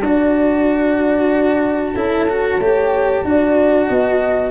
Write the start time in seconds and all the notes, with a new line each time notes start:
0.00 D4 F#4 D5 A5
1.95 C#4 E4 A4
2.30 F#4
2.59 A3 G4 C#5
3.24 D4 F#4 D5
3.89 B3 D#5